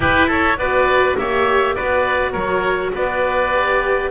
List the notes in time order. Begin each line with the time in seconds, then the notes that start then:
0.00 E4 G4 B4
0.27 A4 C#5
0.57 B3 F#4 B4 D5
1.17 A#3 G4 C#5 E5
1.75 B3 F#4 B4 D5
2.32 F#3 A#4 C#5
2.94 B3 B4 D5
3.52 G4